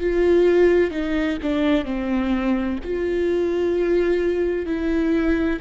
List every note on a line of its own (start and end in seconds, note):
0.00 0.90 F4
0.90 1.37 D#4
1.42 1.85 D4
1.85 2.78 C4
2.83 4.66 F4
4.66 5.60 E4